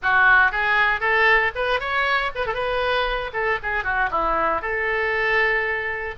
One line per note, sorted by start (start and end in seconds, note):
0.02 0.51 F#4
0.51 1.00 G#4
1.00 1.51 A4
1.55 1.79 B4
1.79 2.31 C#5
2.35 2.46 B4
2.46 2.54 A4
2.54 3.31 B4
3.33 3.58 A4
3.62 3.83 G#4
3.83 4.09 F#4
4.10 4.61 E4
4.61 6.15 A4